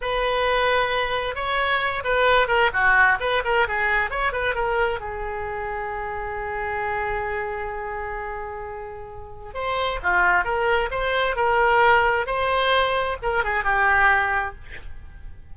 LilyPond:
\new Staff \with { instrumentName = "oboe" } { \time 4/4 \tempo 4 = 132 b'2. cis''4~ | cis''8 b'4 ais'8 fis'4 b'8 ais'8 | gis'4 cis''8 b'8 ais'4 gis'4~ | gis'1~ |
gis'1~ | gis'4 c''4 f'4 ais'4 | c''4 ais'2 c''4~ | c''4 ais'8 gis'8 g'2 | }